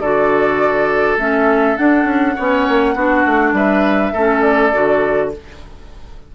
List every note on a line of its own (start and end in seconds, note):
0.00 1.17 D3
0.00 1.19 F#4
0.00 2.36 A4
0.00 1.18 D5
1.17 1.76 A3
1.17 1.77 C#4
1.17 1.77 E5
1.77 2.36 D4
1.77 2.05 D4
1.77 3.54 F#5
2.05 2.34 C#4
2.36 2.69 B3
2.36 2.97 C#4
2.36 2.95 C#5
2.69 2.95 A#3
2.95 3.25 B3
2.95 4.14 D4
2.95 3.54 F#4
3.26 3.53 A3
3.53 4.12 G3
3.53 4.13 B4
3.53 4.41 E5
4.13 4.73 A3
4.13 4.73 C#4
4.13 5.31 A4
4.41 5.29 D5
4.73 5.35 D3
4.73 5.32 F#4